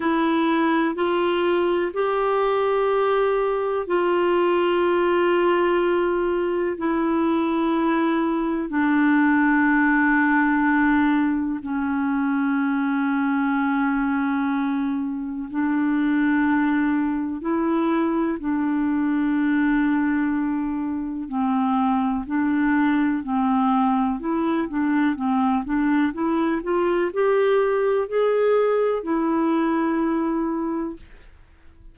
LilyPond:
\new Staff \with { instrumentName = "clarinet" } { \time 4/4 \tempo 4 = 62 e'4 f'4 g'2 | f'2. e'4~ | e'4 d'2. | cis'1 |
d'2 e'4 d'4~ | d'2 c'4 d'4 | c'4 e'8 d'8 c'8 d'8 e'8 f'8 | g'4 gis'4 e'2 | }